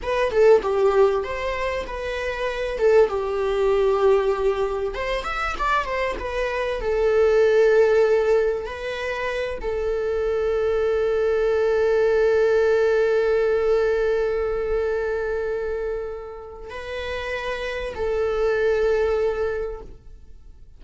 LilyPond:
\new Staff \with { instrumentName = "viola" } { \time 4/4 \tempo 4 = 97 b'8 a'8 g'4 c''4 b'4~ | b'8 a'8 g'2. | c''8 e''8 d''8 c''8 b'4 a'4~ | a'2 b'4. a'8~ |
a'1~ | a'1~ | a'2. b'4~ | b'4 a'2. | }